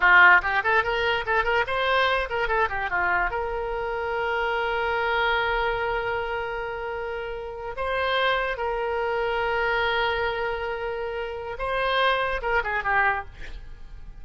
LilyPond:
\new Staff \with { instrumentName = "oboe" } { \time 4/4 \tempo 4 = 145 f'4 g'8 a'8 ais'4 a'8 ais'8 | c''4. ais'8 a'8 g'8 f'4 | ais'1~ | ais'1~ |
ais'2~ ais'8. c''4~ c''16~ | c''8. ais'2.~ ais'16~ | ais'1 | c''2 ais'8 gis'8 g'4 | }